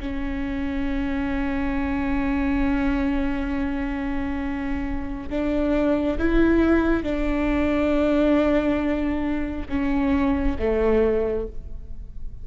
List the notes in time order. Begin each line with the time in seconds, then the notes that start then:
0.00 C#4
5.29 D4
6.18 E4
7.03 D4
9.69 C#4
10.59 A3